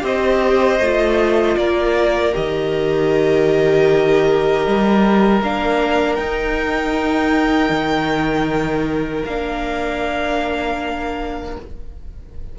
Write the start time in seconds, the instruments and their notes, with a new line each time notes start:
0.00 cello C4, viola G4, violin C5 D#5
0.79 cello A3, viola F4
1.57 cello A#3, violin A#4 D5
2.32 cello D#3, viola G4, violin D#5
4.66 cello G3
5.41 cello A#3, viola D4, violin F5
6.15 cello D#4, viola D#4, violin G5
7.69 cello D#3
9.25 cello A#3, viola D4, violin F5